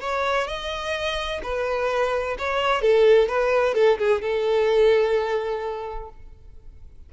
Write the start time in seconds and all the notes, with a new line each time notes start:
0.00 C#5
0.47 D#5
1.43 B4
2.38 C#5
2.81 A4
3.28 B4
3.74 A4
3.98 G#4
4.21 A4